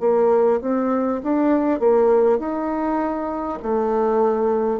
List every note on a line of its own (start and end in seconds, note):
0.00 0.60 A#3
0.61 1.21 C4
1.23 1.79 D4
1.79 2.38 A#3
2.38 3.58 D#4
3.62 4.79 A3